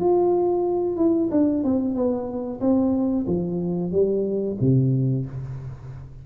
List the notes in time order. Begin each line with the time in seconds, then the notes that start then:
0.00 F4
0.97 E4
1.31 D4
1.64 C4
1.95 B3
2.61 C4
3.27 F3
3.92 G3
4.61 C3